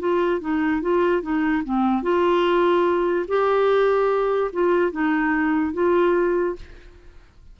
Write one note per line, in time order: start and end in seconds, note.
0.00 0.41 F4
0.41 0.82 D#4
0.82 1.23 F4
1.23 1.64 D#4
1.65 2.03 C4
2.03 3.27 F4
3.28 4.51 G4
4.53 4.93 F4
4.93 5.74 D#4
5.74 6.56 F4